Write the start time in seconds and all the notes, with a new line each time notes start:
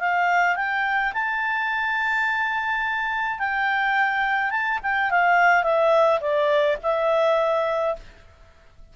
0.00 F5
0.56 G5
1.13 A5
3.39 G5
4.51 A5
4.83 G5
5.11 F5
5.63 E5
6.21 D5
6.83 E5